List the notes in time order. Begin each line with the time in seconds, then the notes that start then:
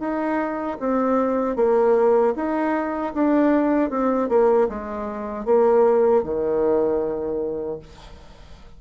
0.00 D#4
0.80 C4
1.57 A#3
2.36 D#4
3.15 D4
3.91 C4
4.29 A#3
4.69 G#3
5.46 A#3
6.24 D#3